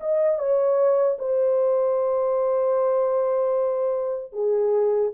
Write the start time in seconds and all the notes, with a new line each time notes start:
0.00 D#5
0.38 C#5
1.19 C5
4.33 G#4